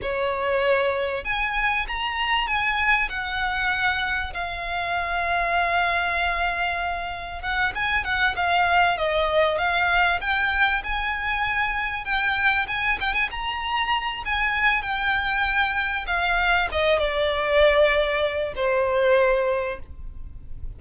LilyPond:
\new Staff \with { instrumentName = "violin" } { \time 4/4 \tempo 4 = 97 cis''2 gis''4 ais''4 | gis''4 fis''2 f''4~ | f''1 | fis''8 gis''8 fis''8 f''4 dis''4 f''8~ |
f''8 g''4 gis''2 g''8~ | g''8 gis''8 g''16 gis''16 ais''4. gis''4 | g''2 f''4 dis''8 d''8~ | d''2 c''2 | }